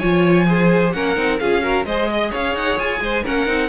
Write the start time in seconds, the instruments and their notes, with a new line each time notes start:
0.00 cello F3, viola F4, violin C#5 G#5
0.47 viola G#4, violin C5
0.92 cello A#3, viola C#4, violin A#4 F#5
1.16 cello C4, viola D#4
1.39 cello C#4, viola F4, violin G#4 F5
1.62 viola F#4, violin A#4
1.85 cello G#3, viola G#4, violin C5 D#5
2.11 violin D#5
2.31 cello C#4, violin C#5 F5
2.55 cello D#4, violin F#5
2.79 cello F4, violin G#5
3.01 cello G#3, violin C5
3.24 cello A#3, viola C#4, violin A#4 F#5
3.47 cello C4, viola D#4